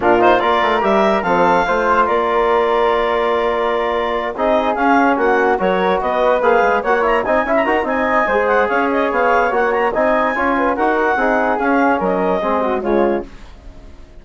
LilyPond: <<
  \new Staff \with { instrumentName = "clarinet" } { \time 4/4 \tempo 4 = 145 ais'8 c''8 d''4 e''4 f''4~ | f''4 d''2.~ | d''2~ d''8 dis''4 f''8~ | f''8 fis''4 cis''4 dis''4 f''8~ |
f''8 fis''8 ais''8 gis''8. ais''8. gis''4~ | gis''8 fis''8 f''8 dis''8 f''4 fis''8 ais''8 | gis''2 fis''2 | f''4 dis''2 cis''4 | }
  \new Staff \with { instrumentName = "flute" } { \time 4/4 f'4 ais'2 a'4 | c''4 ais'2.~ | ais'2~ ais'8 gis'4.~ | gis'8 fis'4 ais'4 b'4.~ |
b'8 cis''4 dis''8 e''8 ais'8 dis''4 | c''4 cis''2. | dis''4 cis''8 b'8 ais'4 gis'4~ | gis'4 ais'4 gis'8 fis'8 f'4 | }
  \new Staff \with { instrumentName = "trombone" } { \time 4/4 d'8 dis'8 f'4 g'4 c'4 | f'1~ | f'2~ f'8 dis'4 cis'8~ | cis'4. fis'2 gis'8~ |
gis'8 fis'8 e'8 dis'8 e'8 fis'8 dis'4 | gis'2. fis'4 | dis'4 f'4 fis'4 dis'4 | cis'2 c'4 gis4 | }
  \new Staff \with { instrumentName = "bassoon" } { \time 4/4 ais,4 ais8 a8 g4 f4 | a4 ais2.~ | ais2~ ais8 c'4 cis'8~ | cis'8 ais4 fis4 b4 ais8 |
gis8 ais4 c'8 cis'8 dis'8 c'4 | gis4 cis'4 b4 ais4 | c'4 cis'4 dis'4 c'4 | cis'4 fis4 gis4 cis4 | }
>>